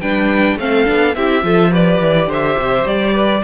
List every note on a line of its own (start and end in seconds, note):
0.00 0.56 G3
0.00 0.58 D4
0.00 0.58 B4
0.00 0.57 G5
0.56 0.85 A3
0.56 0.85 C4
0.56 1.17 A4
0.56 1.15 F5
0.85 1.15 B3
0.85 1.13 D4
1.15 1.43 C4
1.15 1.42 E4
1.15 1.45 G4
1.15 1.72 E5
1.42 2.00 F3
1.42 1.70 F4
1.42 1.71 A4
1.70 3.42 G4
1.70 2.27 B4
1.70 2.31 D5
2.00 2.27 E3
2.27 2.55 D3
2.27 3.13 C5
2.27 2.87 E5
2.57 2.85 C3
2.85 3.42 G3
2.85 3.43 D5
3.13 3.41 B4